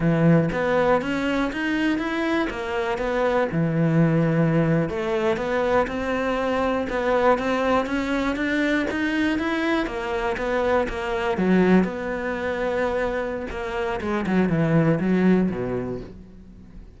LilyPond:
\new Staff \with { instrumentName = "cello" } { \time 4/4 \tempo 4 = 120 e4 b4 cis'4 dis'4 | e'4 ais4 b4 e4~ | e4.~ e16 a4 b4 c'16~ | c'4.~ c'16 b4 c'4 cis'16~ |
cis'8. d'4 dis'4 e'4 ais16~ | ais8. b4 ais4 fis4 b16~ | b2. ais4 | gis8 fis8 e4 fis4 b,4 | }